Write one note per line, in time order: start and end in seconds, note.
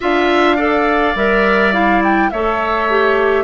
0.00 1.15 D4
0.00 0.57 F4
0.00 0.56 E5
0.00 1.17 F5
0.56 1.15 A4
0.56 2.29 D5
1.15 2.30 G3
1.15 1.73 A#4
1.15 1.73 E5
1.73 2.31 E4
1.73 2.02 F5
2.03 2.30 G5
2.30 3.44 A3
2.30 2.89 A4
2.30 3.44 C#5
2.30 3.44 E5
2.89 3.44 G4